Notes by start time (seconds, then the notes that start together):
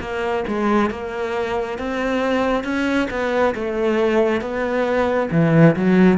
0.00 A#3
0.47 G#3
0.90 A#3
1.78 C4
2.64 C#4
3.10 B3
3.54 A3
4.41 B3
5.31 E3
5.76 F#3